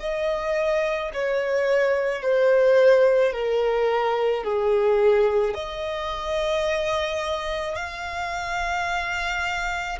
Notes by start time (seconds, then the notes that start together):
0.00 D#5
1.14 C#5
2.22 C5
3.33 A#4
4.44 G#4
5.54 D#5
7.76 F5